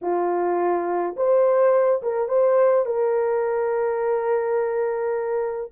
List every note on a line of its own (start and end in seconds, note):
0.01 1.15 F4
1.16 2.02 C5
2.02 2.28 A#4
2.28 2.85 C5
2.85 5.71 A#4